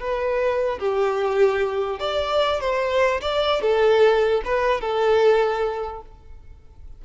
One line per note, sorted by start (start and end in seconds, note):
0.00 0.79 B4
0.79 2.00 G4
2.00 2.60 D5
2.60 3.21 C5
3.21 3.61 D5
3.61 4.42 A4
4.45 4.81 B4
4.81 6.02 A4